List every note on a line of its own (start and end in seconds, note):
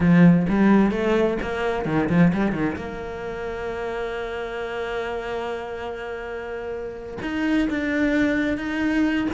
0.00 0.46 F3
0.48 0.91 G3
0.91 1.37 A3
1.42 1.85 A#3
1.85 2.08 D#3
2.09 2.32 F3
2.33 2.52 G3
2.52 2.75 D#3
2.76 7.18 A#3
7.22 7.68 D#4
7.69 8.57 D4
8.57 9.27 D#4